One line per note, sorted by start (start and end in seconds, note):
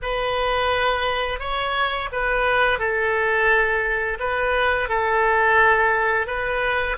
0.02 1.39 B4
1.39 2.09 C#5
2.12 2.78 B4
2.78 4.18 A4
4.19 4.88 B4
4.88 6.27 A4
6.27 6.96 B4